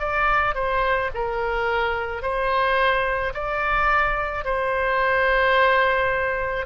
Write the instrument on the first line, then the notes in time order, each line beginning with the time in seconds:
oboe
0.00 D5
0.55 C5
1.15 A#4
2.23 C5
3.34 D5
4.45 C5